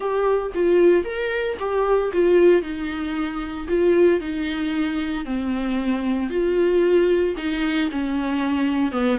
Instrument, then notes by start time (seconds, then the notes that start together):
viola
0.00 G4
0.54 F4
1.04 A#4
1.59 G4
2.12 F4
2.62 D#4
3.67 F4
4.20 D#4
5.25 C4
6.29 F4
7.37 D#4
7.91 C#4
8.91 B3